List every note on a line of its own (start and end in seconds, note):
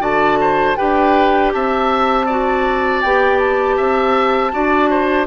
0.00 0.75 D3
0.00 0.75 F#4
0.00 0.39 D5
0.00 0.77 A5
0.41 0.78 C5
0.77 1.54 D4
0.77 2.27 G4
0.77 1.53 B4
0.77 1.52 G5
1.53 3.04 C4
1.53 2.26 E5
1.53 3.02 A5
2.26 3.05 F#4
2.26 3.76 D5
3.02 3.79 B3
3.02 4.52 G4
3.02 3.39 G5
3.39 5.27 A5
3.77 4.54 C4
3.77 4.52 E5
4.52 5.27 D4
4.52 5.27 F#4
4.52 4.90 D5
4.90 5.27 C5